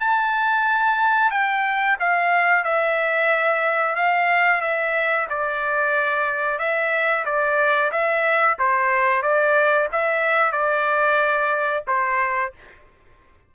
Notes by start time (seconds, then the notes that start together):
0.00 A5
1.31 G5
1.99 F5
2.64 E5
3.95 F5
4.61 E5
5.29 D5
6.59 E5
7.25 D5
7.91 E5
8.59 C5
9.22 D5
9.92 E5
10.52 D5
11.87 C5